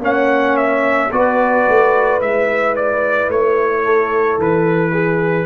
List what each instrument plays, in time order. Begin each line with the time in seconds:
0.00 tuba A#3, trombone C#4, horn C#5, trumpet F#5
0.57 trumpet E5
1.12 tuba B3, trombone F#4, horn B4, trumpet D5
1.68 tuba A3
2.21 tuba G#3, trombone E4, trumpet E5
2.76 trumpet D5
3.29 tuba A3, trumpet C#5
3.84 horn A4
4.39 tuba E3, trumpet B4
4.92 horn G#4